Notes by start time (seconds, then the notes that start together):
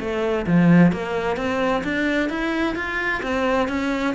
0.00 A3
0.47 F3
0.93 A#3
1.37 C4
1.84 D4
2.30 E4
2.76 F4
3.23 C4
3.69 C#4